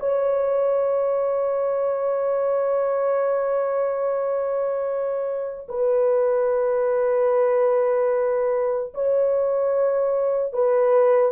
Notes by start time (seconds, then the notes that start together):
0.00 C#5
5.69 B4
8.94 C#5
10.53 B4